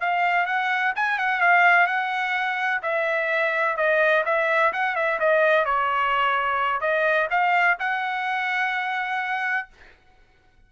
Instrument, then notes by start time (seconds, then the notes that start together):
trumpet
0.00 F5
0.46 F#5
0.95 G#5
1.18 F#5
1.40 F5
1.86 F#5
2.82 E5
3.76 D#5
4.25 E5
4.73 F#5
4.95 E5
5.19 D#5
5.65 C#5
6.81 D#5
7.30 F5
7.79 F#5